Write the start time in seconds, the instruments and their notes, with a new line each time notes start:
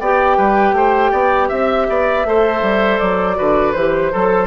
0.00 bassoon B3, clarinet G4, oboe D5, flute G5
0.38 bassoon G3, oboe B4
0.73 bassoon A3, oboe C5
1.11 bassoon B3, oboe D5
1.49 bassoon C4, oboe E5, flute E5
1.89 bassoon B3, oboe D5
2.25 bassoon A3, clarinet A4, oboe C5
2.62 bassoon G3
2.99 bassoon F#3, flute D5
3.35 bassoon D3, clarinet F#4, oboe B4
3.73 bassoon E3, clarinet G4, flute C5
4.12 bassoon F#3, clarinet A4, oboe A4